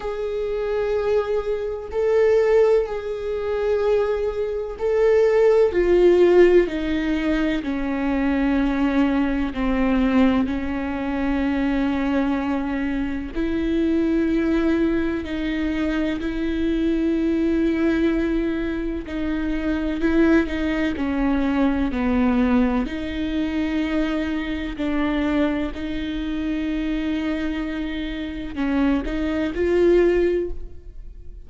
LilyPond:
\new Staff \with { instrumentName = "viola" } { \time 4/4 \tempo 4 = 63 gis'2 a'4 gis'4~ | gis'4 a'4 f'4 dis'4 | cis'2 c'4 cis'4~ | cis'2 e'2 |
dis'4 e'2. | dis'4 e'8 dis'8 cis'4 b4 | dis'2 d'4 dis'4~ | dis'2 cis'8 dis'8 f'4 | }